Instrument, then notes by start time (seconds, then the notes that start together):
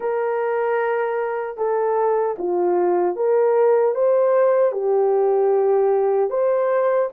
horn
0.00 A#4
1.57 A4
2.38 F4
3.16 A#4
3.94 C5
4.72 G4
6.30 C5